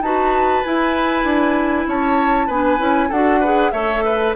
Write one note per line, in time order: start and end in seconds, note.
0.00 0.62 D#4
0.00 0.64 F#4
0.00 1.88 B4
0.00 0.63 A5
0.64 2.50 E4
0.64 1.23 E4
0.64 1.87 G#5
1.23 1.85 D4
1.87 2.48 C#4
1.87 2.46 C#5
1.87 2.50 A5
2.46 2.79 B3
2.46 2.78 D4
2.46 3.08 B4
2.46 3.11 G#5
2.78 3.10 C#4
2.78 3.09 E4
3.08 3.72 D4
3.08 3.44 F#4
3.08 3.39 A4
3.08 3.70 F#5
3.40 3.73 G#4
3.40 3.71 B4
3.70 4.34 A3
3.70 4.35 A4
3.70 4.03 C#5
3.70 4.32 E5
4.04 4.35 B4